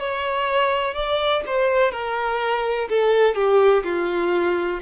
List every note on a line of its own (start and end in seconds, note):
0.00 0.95 C#5
0.95 1.43 D5
1.47 1.92 C5
1.92 2.89 A#4
2.89 3.35 A4
3.35 3.84 G4
3.84 4.81 F4